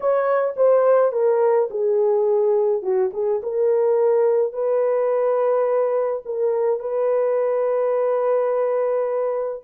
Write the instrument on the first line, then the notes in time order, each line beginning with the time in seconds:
horn
0.00 C#5
0.56 C5
1.12 A#4
1.70 G#4
2.82 F#4
3.13 G#4
3.42 A#4
4.52 B4
6.25 A#4
6.79 B4